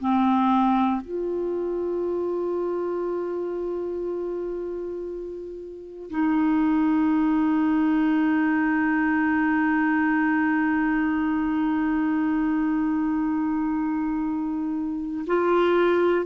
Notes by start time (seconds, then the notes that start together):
0.00 C4
1.01 F4
6.10 D#4
15.27 F4